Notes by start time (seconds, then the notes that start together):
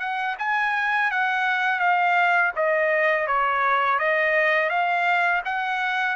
0.00 F#5
0.39 G#5
1.11 F#5
1.80 F5
2.56 D#5
3.27 C#5
3.99 D#5
4.70 F5
5.45 F#5